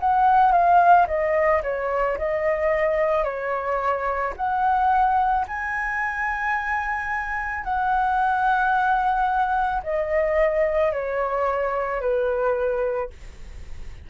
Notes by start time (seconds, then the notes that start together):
0.00 F#5
0.52 F5
1.07 D#5
1.63 C#5
2.18 D#5
3.24 C#5
4.36 F#5
5.47 G#5
7.64 F#5
9.83 D#5
10.92 C#5
12.00 B4